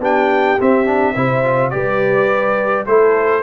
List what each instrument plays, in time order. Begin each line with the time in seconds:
0.00 tuba B3, trombone D4, horn G4, trumpet G5
0.60 trombone C4, tuba C4, trumpet E5
0.86 trombone D4
1.15 tuba C3, trombone E4, horn C5
1.44 trombone F4
1.70 tuba G3, trombone G4, horn B4, trumpet D5
2.86 tuba A3, trombone E4, horn A4, trumpet C5